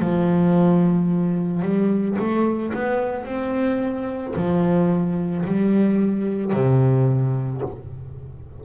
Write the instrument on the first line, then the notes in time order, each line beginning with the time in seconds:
double bass
0.00 F3
1.63 G3
2.19 A3
2.74 B3
3.25 C4
4.36 F3
5.46 G3
6.53 C3